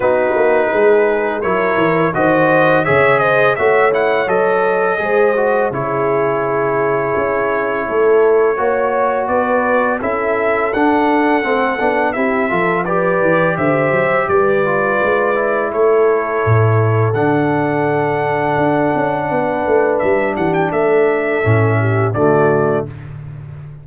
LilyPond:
<<
  \new Staff \with { instrumentName = "trumpet" } { \time 4/4 \tempo 4 = 84 b'2 cis''4 dis''4 | e''8 dis''8 e''8 fis''8 dis''2 | cis''1~ | cis''4 d''4 e''4 fis''4~ |
fis''4 e''4 d''4 e''4 | d''2 cis''2 | fis''1 | e''8 fis''16 g''16 e''2 d''4 | }
  \new Staff \with { instrumentName = "horn" } { \time 4/4 fis'4 gis'4 ais'4 c''4 | cis''8 c''8 cis''2 c''4 | gis'2. a'4 | cis''4 b'4 a'2~ |
a'4 g'8 a'8 b'4 c''4 | b'2 a'2~ | a'2. b'4~ | b'8 g'8 a'4. g'8 fis'4 | }
  \new Staff \with { instrumentName = "trombone" } { \time 4/4 dis'2 e'4 fis'4 | gis'4 fis'8 e'8 a'4 gis'8 fis'8 | e'1 | fis'2 e'4 d'4 |
c'8 d'8 e'8 f'8 g'2~ | g'8 f'4 e'2~ e'8 | d'1~ | d'2 cis'4 a4 | }
  \new Staff \with { instrumentName = "tuba" } { \time 4/4 b8 ais8 gis4 fis8 e8 dis4 | cis4 a4 fis4 gis4 | cis2 cis'4 a4 | ais4 b4 cis'4 d'4 |
a8 b8 c'8 f4 e8 d8 fis8 | g4 gis4 a4 a,4 | d2 d'8 cis'8 b8 a8 | g8 e8 a4 a,4 d4 | }
>>